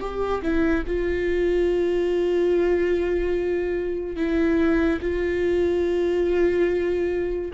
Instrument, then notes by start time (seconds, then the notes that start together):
viola
0.00 G4
0.42 E4
0.86 F4
4.16 E4
5.02 F4